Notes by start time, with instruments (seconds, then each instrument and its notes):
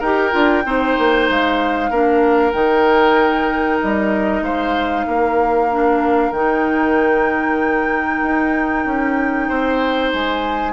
0.00 bassoon D#4, clarinet G4, oboe A#4, flute G5
0.32 bassoon D4, clarinet F4
0.65 bassoon C4, clarinet D#4, oboe C5
0.98 bassoon A#3
1.30 bassoon G#3, flute F5
1.90 bassoon A#3, clarinet D4, oboe A#4
2.52 bassoon D#3, clarinet D#4, flute G5
3.81 bassoon G3, flute D#5
4.42 bassoon G#3, oboe C5, flute F5
5.07 bassoon A#3, oboe A#4
5.71 clarinet D4
6.31 bassoon D#3, clarinet D#4, flute G5
8.22 bassoon D#4
8.85 bassoon C#4
9.48 bassoon C4, oboe C5
10.14 bassoon G#3, flute G#5